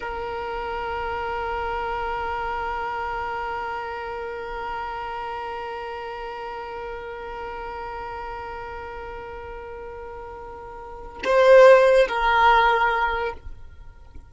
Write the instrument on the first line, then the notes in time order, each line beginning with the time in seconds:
violin
0.00 A#4
11.24 C5
12.07 A#4